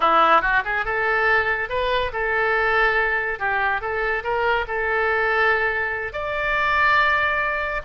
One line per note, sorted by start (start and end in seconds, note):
0.00 0.41 E4
0.41 0.62 F#4
0.64 0.85 G#4
0.85 1.69 A4
1.69 2.11 B4
2.12 3.39 A4
3.39 3.81 G4
3.81 4.23 A4
4.23 4.65 A#4
4.67 6.12 A4
6.12 7.81 D5